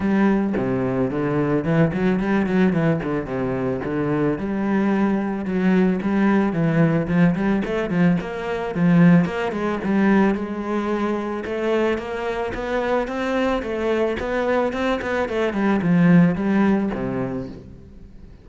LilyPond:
\new Staff \with { instrumentName = "cello" } { \time 4/4 \tempo 4 = 110 g4 c4 d4 e8 fis8 | g8 fis8 e8 d8 c4 d4 | g2 fis4 g4 | e4 f8 g8 a8 f8 ais4 |
f4 ais8 gis8 g4 gis4~ | gis4 a4 ais4 b4 | c'4 a4 b4 c'8 b8 | a8 g8 f4 g4 c4 | }